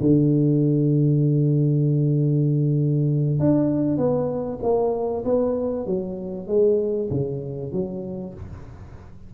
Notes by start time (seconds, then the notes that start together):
0.00 D3
3.39 D4
3.97 B3
4.62 A#3
5.24 B3
5.86 F#3
6.47 G#3
7.10 C#3
7.72 F#3